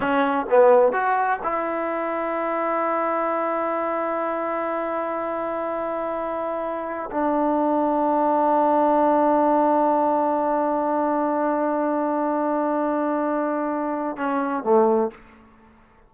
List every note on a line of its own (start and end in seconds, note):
0.00 0.46 C#4
0.50 0.92 B3
0.92 1.39 F#4
1.43 7.10 E4
7.11 14.16 D4
14.16 14.63 C#4
14.63 15.10 A3